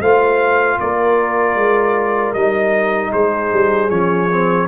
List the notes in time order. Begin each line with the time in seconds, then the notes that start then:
0.00 A3 F4 C5 F5
0.79 A#3 A#4 D5
1.55 G#3
2.33 G3 D#4 D#5
3.12 G#3 G#4 C5
3.52 G3
3.89 F3 C#4 C#5
4.30 C4